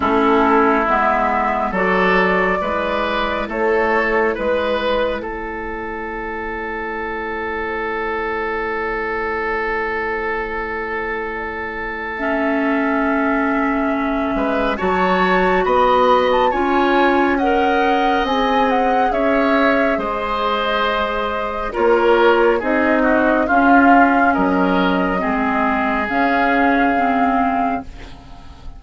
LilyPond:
<<
  \new Staff \with { instrumentName = "flute" } { \time 4/4 \tempo 4 = 69 a'4 e''4 d''2 | cis''4 b'4 cis''2~ | cis''1~ | cis''2 e''2~ |
e''4 a''4 b''8. a''16 gis''4 | fis''4 gis''8 fis''8 e''4 dis''4~ | dis''4 cis''4 dis''4 f''4 | dis''2 f''2 | }
  \new Staff \with { instrumentName = "oboe" } { \time 4/4 e'2 a'4 b'4 | a'4 b'4 a'2~ | a'1~ | a'1~ |
a'8 b'8 cis''4 dis''4 cis''4 | dis''2 cis''4 c''4~ | c''4 ais'4 gis'8 fis'8 f'4 | ais'4 gis'2. | }
  \new Staff \with { instrumentName = "clarinet" } { \time 4/4 cis'4 b4 fis'4 e'4~ | e'1~ | e'1~ | e'2 cis'2~ |
cis'4 fis'2 f'4 | ais'4 gis'2.~ | gis'4 f'4 dis'4 cis'4~ | cis'4 c'4 cis'4 c'4 | }
  \new Staff \with { instrumentName = "bassoon" } { \time 4/4 a4 gis4 fis4 gis4 | a4 gis4 a2~ | a1~ | a1~ |
a8 gis8 fis4 b4 cis'4~ | cis'4 c'4 cis'4 gis4~ | gis4 ais4 c'4 cis'4 | fis4 gis4 cis2 | }
>>